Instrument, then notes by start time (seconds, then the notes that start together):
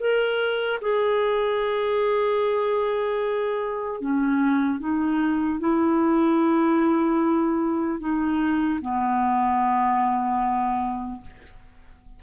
clarinet
0.00 A#4
0.81 G#4
4.01 C#4
4.80 D#4
5.60 E4
8.00 D#4
8.81 B3